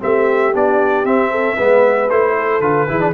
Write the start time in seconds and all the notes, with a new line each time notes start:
0.00 A3 C4 G4 E5
0.53 B3 D4 D5
1.05 C4 E5
1.31 A4
1.56 G#3 B3 B4
2.10 A3 E4 C5
2.37 A4
2.60 D3 F4 B4
2.88 E3 E4 G#4
3.00 D4